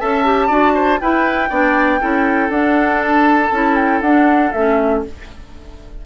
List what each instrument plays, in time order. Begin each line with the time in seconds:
0.00 bassoon C#4, clarinet A4, oboe E5, flute A5
0.25 clarinet G4
0.48 bassoon D4, clarinet F#4, oboe D5
0.74 oboe C5
1.01 clarinet E4, bassoon E4, oboe B4, flute G5
1.50 bassoon B3, clarinet D4, oboe D5
2.01 bassoon C#4, clarinet E4, oboe A4
2.50 bassoon D4, clarinet D4, flute F#5
3.02 flute A5
3.52 bassoon C#4, clarinet E4
3.76 flute G5
4.01 bassoon D4, clarinet D4, flute F#5
4.52 bassoon A3, clarinet C#4, flute E5